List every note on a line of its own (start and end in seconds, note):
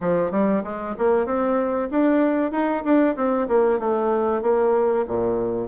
0.00 0.31 F3
0.31 0.63 G3
0.63 0.95 G#3
0.98 1.26 A#3
1.26 1.89 C4
1.90 2.51 D4
2.51 2.83 D#4
2.84 3.16 D4
3.16 3.47 C4
3.47 3.79 A#3
3.79 4.42 A3
4.42 5.05 A#3
5.07 5.68 A#2